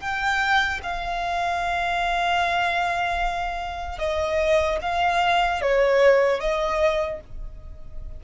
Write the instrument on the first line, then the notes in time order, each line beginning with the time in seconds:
violin
0.00 G5
0.83 F5
3.99 D#5
4.81 F5
5.61 C#5
6.40 D#5